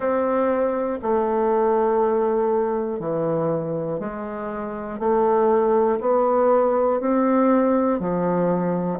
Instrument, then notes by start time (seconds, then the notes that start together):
bassoon
0.00 C4
1.01 A3
2.99 E3
4.00 G#3
4.99 A3
6.00 B3
7.00 C4
8.00 F3